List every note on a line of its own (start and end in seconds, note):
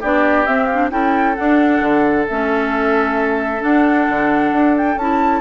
0.00 0.47 B3
0.00 0.46 D4
0.00 0.90 G4
0.00 0.46 D5
0.46 0.69 C4
0.46 0.90 C4
0.46 0.66 E5
0.66 0.88 F5
0.72 0.90 D4
0.90 1.36 C#4
0.90 1.35 E4
0.90 5.41 A4
0.90 1.35 G5
1.35 2.28 D4
1.35 1.81 D4
1.35 2.25 F#5
1.81 2.26 D3
2.28 3.62 A3
2.28 3.60 C#4
2.28 3.62 E5
3.60 4.95 D4
3.60 4.07 D4
3.60 4.75 F#5
4.08 4.52 D3
4.52 4.96 D4
4.76 4.97 G5
4.96 5.41 C#4
4.96 5.41 E4
4.96 5.41 A5